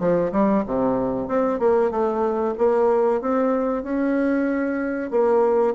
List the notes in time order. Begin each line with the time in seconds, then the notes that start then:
0.00 F3
0.32 G3
0.66 C3
1.29 C4
1.59 A#3
1.91 A3
2.58 A#3
3.21 C4
3.84 C#4
5.11 A#3